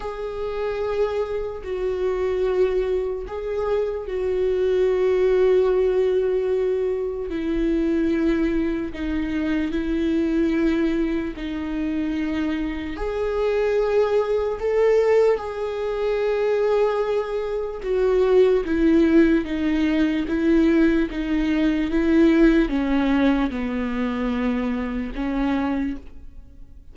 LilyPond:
\new Staff \with { instrumentName = "viola" } { \time 4/4 \tempo 4 = 74 gis'2 fis'2 | gis'4 fis'2.~ | fis'4 e'2 dis'4 | e'2 dis'2 |
gis'2 a'4 gis'4~ | gis'2 fis'4 e'4 | dis'4 e'4 dis'4 e'4 | cis'4 b2 cis'4 | }